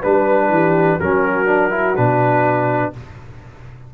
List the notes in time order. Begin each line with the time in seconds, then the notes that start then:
0.00 G3 D4 B4
0.49 E3 G4
0.97 F#3 C#4 F#4 A#4
1.46 D4
1.70 E4
1.96 B2 D4 B4